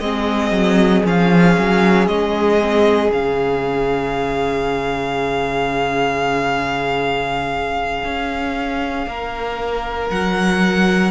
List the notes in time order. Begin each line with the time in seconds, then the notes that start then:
0.00 G#3 C4 G#4 D#5
0.52 F#3
1.05 F3 C#4 F5
1.58 F#3
2.08 G#3 D#5
2.61 C4
3.08 C#3 C#4 F5
8.04 C#4
9.07 A#3 A#4
10.10 F#3 F#5